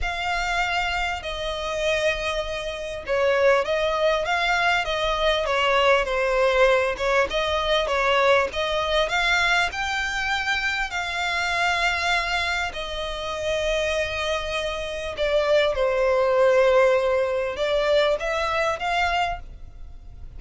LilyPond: \new Staff \with { instrumentName = "violin" } { \time 4/4 \tempo 4 = 99 f''2 dis''2~ | dis''4 cis''4 dis''4 f''4 | dis''4 cis''4 c''4. cis''8 | dis''4 cis''4 dis''4 f''4 |
g''2 f''2~ | f''4 dis''2.~ | dis''4 d''4 c''2~ | c''4 d''4 e''4 f''4 | }